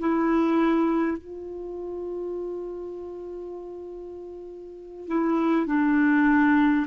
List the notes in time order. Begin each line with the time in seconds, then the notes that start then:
0.00 E4
1.18 F4
5.08 E4
5.67 D4